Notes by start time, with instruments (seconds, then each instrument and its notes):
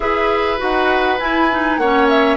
0.00 bassoon E4, clarinet G#4, oboe B4, flute E5
0.58 bassoon D#4, clarinet F#4, flute F#5
1.18 bassoon E4, clarinet E4, flute G#5
1.51 clarinet D#4
1.77 bassoon A#3, clarinet C#4, oboe C#5, flute F#5
2.08 flute E5